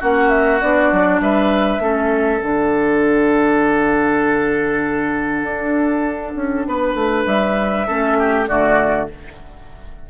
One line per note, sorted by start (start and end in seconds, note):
0.00 0.62 A#3
0.00 0.61 C#4
0.00 1.21 F#4
0.00 0.29 F#5
0.29 0.60 E5
0.60 0.92 B3
0.60 1.81 D4
0.60 1.21 D5
0.92 1.20 F#3
1.20 1.79 G3
1.20 1.83 B4
1.20 2.42 E5
1.79 2.40 A3
1.79 2.40 C#4
1.79 6.68 A4
2.40 5.43 D3
2.40 7.85 D4
2.40 7.26 F#5
5.43 6.33 D4
6.35 6.66 C#4
6.67 6.94 B3
6.67 7.87 B4
6.94 7.24 A3
7.26 7.86 G3
7.26 8.47 E5
7.87 8.49 A3
7.87 8.47 C#4
7.87 8.17 A4
8.19 8.49 G4
8.48 9.10 D3
8.48 9.09 A3
8.48 9.09 F#4
8.48 9.08 D5